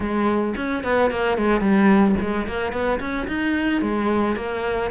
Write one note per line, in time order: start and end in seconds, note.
0.00 0.54 G#3
0.56 0.83 C#4
0.83 1.10 B3
1.10 1.37 A#3
1.37 1.60 G#3
1.60 2.15 G3
2.20 2.47 G#3
2.47 2.72 A#3
2.72 2.99 B3
3.00 3.27 C#4
3.27 3.81 D#4
3.81 4.36 G#3
4.36 4.90 A#3